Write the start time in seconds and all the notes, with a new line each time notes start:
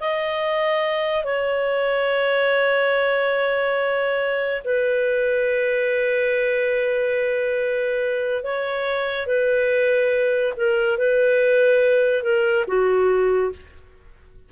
0.00 D#5
1.24 C#5
4.64 B4
8.43 C#5
9.27 B4
10.56 A#4
10.98 B4
12.23 A#4
12.67 F#4